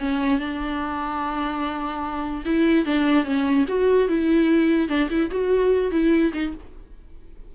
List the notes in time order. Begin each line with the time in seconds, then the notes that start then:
0.00 C#4
0.40 D4
2.46 E4
2.86 D4
3.25 C#4
3.68 F#4
4.09 E4
4.89 D4
5.11 E4
5.32 F#4
5.92 E4
6.34 D#4